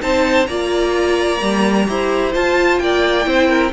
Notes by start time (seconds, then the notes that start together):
0.00 C4 D#4 C5 A5
0.46 A#3 F4 D5 A#5
1.39 G3 A#3
1.85 E4 G4 C5
2.34 F4 A5
2.79 A#3 D5 G5
3.24 C4 E4 C5
3.48 A#4